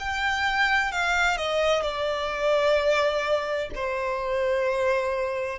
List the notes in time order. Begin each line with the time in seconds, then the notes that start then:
0.00 G5
0.92 F5
1.38 D#5
1.83 D5
3.75 C5